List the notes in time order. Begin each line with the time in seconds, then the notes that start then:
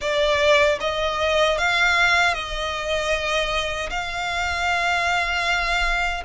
0.01 D5
0.80 D#5
1.58 F5
2.33 D#5
3.90 F5